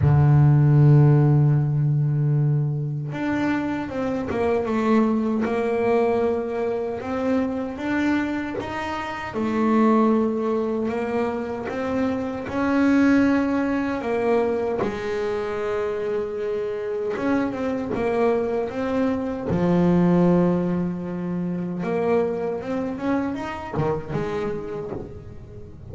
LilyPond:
\new Staff \with { instrumentName = "double bass" } { \time 4/4 \tempo 4 = 77 d1 | d'4 c'8 ais8 a4 ais4~ | ais4 c'4 d'4 dis'4 | a2 ais4 c'4 |
cis'2 ais4 gis4~ | gis2 cis'8 c'8 ais4 | c'4 f2. | ais4 c'8 cis'8 dis'8 dis8 gis4 | }